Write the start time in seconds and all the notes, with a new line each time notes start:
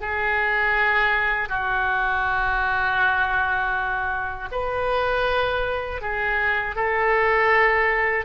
0.00 G#4
1.48 F#4
4.51 B4
6.01 G#4
6.75 A4